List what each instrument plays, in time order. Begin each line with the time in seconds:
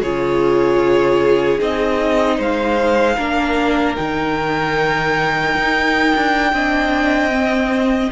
0.00 cello C#3, viola F4, violin G#4 C#5
1.59 cello C4, viola D#4, violin D#5
2.37 cello G#3, violin C5 F5
3.16 cello A#3, viola D4, violin A#4
3.96 cello D#3, viola D#4, violin G5
5.55 cello D#4
6.16 cello D4
6.53 cello C4, viola D4, violin D#5
7.31 viola C4